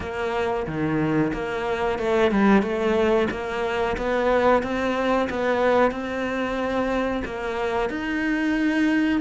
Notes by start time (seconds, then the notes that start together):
0.00 A#3
0.66 D#3
1.33 A#3
1.98 A3
2.31 G3
2.62 A3
3.31 A#3
3.97 B3
4.62 C4
5.29 B3
5.91 C4
7.24 A#3
7.89 D#4